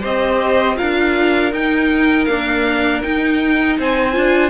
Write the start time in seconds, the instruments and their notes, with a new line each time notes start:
0.00 cello C4, viola G4, violin C5 D#5
0.76 cello D4, viola F4, violin A#4 F5
1.52 cello D#4, viola D#4, violin G5
2.25 viola A#3, cello D4, violin F5
3.02 viola D#4, cello D#4, violin G5
3.78 cello C4, violin C5 G#5
4.12 cello D4, viola F4